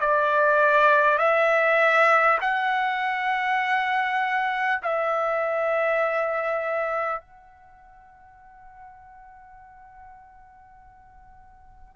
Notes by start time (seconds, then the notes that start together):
0.00 D5
1.18 E5
2.41 F#5
4.82 E5
7.21 F#5